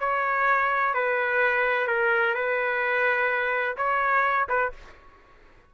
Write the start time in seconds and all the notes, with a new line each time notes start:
0.00 C#5
0.94 B4
1.87 A#4
2.35 B4
3.77 C#5
4.49 B4